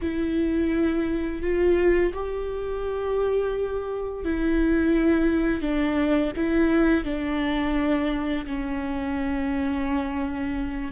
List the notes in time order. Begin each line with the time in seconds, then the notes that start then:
0.01 E4
1.41 F4
2.13 G4
4.24 E4
5.61 D4
6.36 E4
7.04 D4
8.45 C#4